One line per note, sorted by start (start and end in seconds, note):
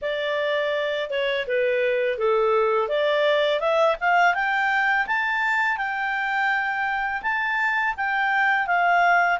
0.01 1.09 D5
1.10 1.46 C#5
1.47 2.18 B4
2.18 2.88 A4
2.88 3.59 D5
3.59 3.96 E5
4.00 4.34 F5
4.34 5.06 G5
5.06 5.77 A5
5.77 7.22 G5
7.22 7.95 A5
7.96 8.66 G5
8.66 9.39 F5